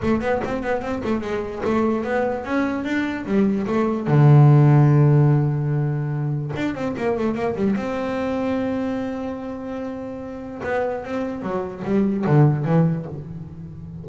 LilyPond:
\new Staff \with { instrumentName = "double bass" } { \time 4/4 \tempo 4 = 147 a8 b8 c'8 b8 c'8 a8 gis4 | a4 b4 cis'4 d'4 | g4 a4 d2~ | d1 |
d'8 c'8 ais8 a8 ais8 g8 c'4~ | c'1~ | c'2 b4 c'4 | fis4 g4 d4 e4 | }